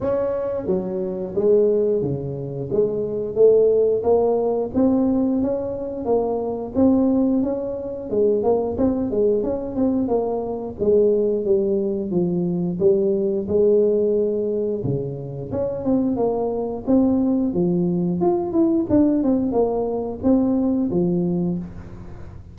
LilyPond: \new Staff \with { instrumentName = "tuba" } { \time 4/4 \tempo 4 = 89 cis'4 fis4 gis4 cis4 | gis4 a4 ais4 c'4 | cis'4 ais4 c'4 cis'4 | gis8 ais8 c'8 gis8 cis'8 c'8 ais4 |
gis4 g4 f4 g4 | gis2 cis4 cis'8 c'8 | ais4 c'4 f4 f'8 e'8 | d'8 c'8 ais4 c'4 f4 | }